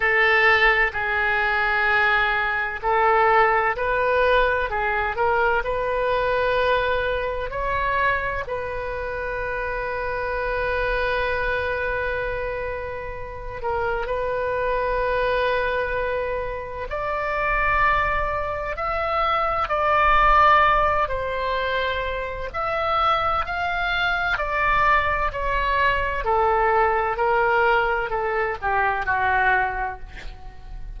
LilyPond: \new Staff \with { instrumentName = "oboe" } { \time 4/4 \tempo 4 = 64 a'4 gis'2 a'4 | b'4 gis'8 ais'8 b'2 | cis''4 b'2.~ | b'2~ b'8 ais'8 b'4~ |
b'2 d''2 | e''4 d''4. c''4. | e''4 f''4 d''4 cis''4 | a'4 ais'4 a'8 g'8 fis'4 | }